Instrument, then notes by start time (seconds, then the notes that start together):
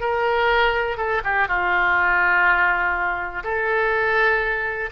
oboe
0.00 A#4
0.97 A4
1.24 G4
1.47 F4
3.43 A4